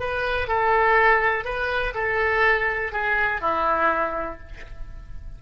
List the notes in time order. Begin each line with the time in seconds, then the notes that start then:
0.00 B4
0.48 A4
1.45 B4
1.94 A4
2.92 G#4
3.41 E4